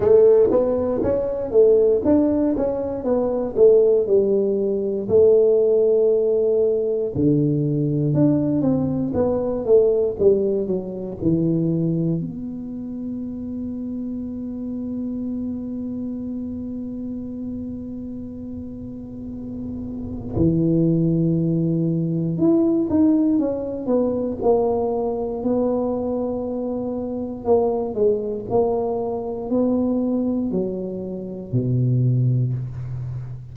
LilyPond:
\new Staff \with { instrumentName = "tuba" } { \time 4/4 \tempo 4 = 59 a8 b8 cis'8 a8 d'8 cis'8 b8 a8 | g4 a2 d4 | d'8 c'8 b8 a8 g8 fis8 e4 | b1~ |
b1 | e2 e'8 dis'8 cis'8 b8 | ais4 b2 ais8 gis8 | ais4 b4 fis4 b,4 | }